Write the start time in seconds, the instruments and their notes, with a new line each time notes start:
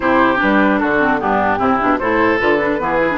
0.00 bassoon C3, clarinet E4, oboe G4, flute C5
0.36 clarinet D4, flute B4
0.42 bassoon G3
0.78 bassoon D3, oboe F#4, flute A4
0.98 clarinet C4
1.19 bassoon G2, clarinet B3, oboe D4, flute G4
1.58 bassoon C3, clarinet C4, oboe E4
1.79 bassoon B2, clarinet D4
1.98 bassoon A2, clarinet E4, oboe A4, flute C5
2.38 bassoon D3, clarinet F4, flute B4
2.59 clarinet D4
2.79 bassoon E3, clarinet B3, oboe G#4
3.00 clarinet E4
3.10 clarinet D4